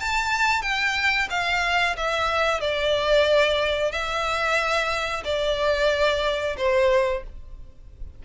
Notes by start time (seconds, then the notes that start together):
0.00 A5
0.62 G5
1.30 F5
1.97 E5
2.60 D5
3.91 E5
5.24 D5
6.57 C5